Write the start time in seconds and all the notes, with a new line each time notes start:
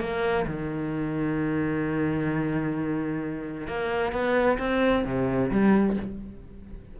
0.00 A#3
0.46 D#3
3.67 A#3
4.12 B3
4.58 C4
5.05 C3
5.51 G3